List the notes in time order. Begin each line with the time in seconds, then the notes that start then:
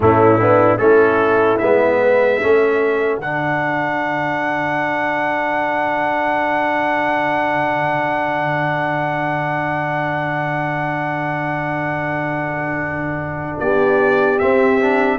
0.00 A2 A3 C#4 E4
0.40 B3 D4
0.77 A3 C#4 E4 A4
1.58 G#3 B3 E5
2.01 B4
2.40 A3 C#4 A4
3.17 D3 D4 F#5
13.59 B3 G4 D5
14.38 C4 E5
14.80 D4